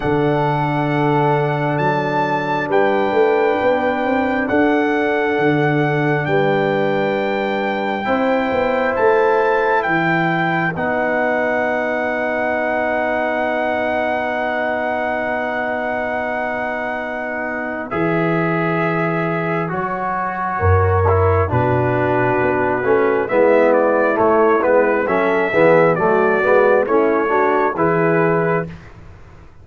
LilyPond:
<<
  \new Staff \with { instrumentName = "trumpet" } { \time 4/4 \tempo 4 = 67 fis''2 a''4 g''4~ | g''4 fis''2 g''4~ | g''2 a''4 g''4 | fis''1~ |
fis''1 | e''2 cis''2 | b'2 e''8 d''8 cis''8 b'8 | e''4 d''4 cis''4 b'4 | }
  \new Staff \with { instrumentName = "horn" } { \time 4/4 a'2. b'4~ | b'4 a'2 b'4~ | b'4 c''2 b'4~ | b'1~ |
b'1~ | b'2. ais'4 | fis'2 e'2 | a'8 gis'8 fis'4 e'8 fis'8 gis'4 | }
  \new Staff \with { instrumentName = "trombone" } { \time 4/4 d'1~ | d'1~ | d'4 e'2. | dis'1~ |
dis'1 | gis'2 fis'4. e'8 | d'4. cis'8 b4 a8 b8 | cis'8 b8 a8 b8 cis'8 d'8 e'4 | }
  \new Staff \with { instrumentName = "tuba" } { \time 4/4 d2 fis4 g8 a8 | b8 c'8 d'4 d4 g4~ | g4 c'8 b8 a4 e4 | b1~ |
b1 | e2 fis4 fis,4 | b,4 b8 a8 gis4 a8 gis8 | fis8 e8 fis8 gis8 a4 e4 | }
>>